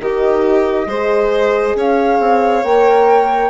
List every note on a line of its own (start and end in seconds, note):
0.00 0.86 D#3
0.00 0.89 D#4
0.00 0.88 G4
0.00 1.77 D#5
0.86 1.75 G#3
0.86 2.64 G#4
0.86 1.76 C5
1.75 2.19 C#4
1.75 3.50 C#5
1.75 2.63 F5
2.19 2.63 C4
2.63 3.50 A#3
2.63 3.50 A#4
2.63 3.50 G5